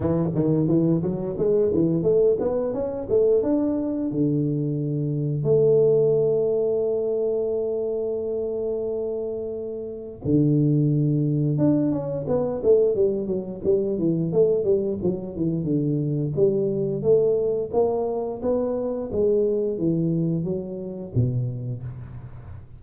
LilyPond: \new Staff \with { instrumentName = "tuba" } { \time 4/4 \tempo 4 = 88 e8 dis8 e8 fis8 gis8 e8 a8 b8 | cis'8 a8 d'4 d2 | a1~ | a2. d4~ |
d4 d'8 cis'8 b8 a8 g8 fis8 | g8 e8 a8 g8 fis8 e8 d4 | g4 a4 ais4 b4 | gis4 e4 fis4 b,4 | }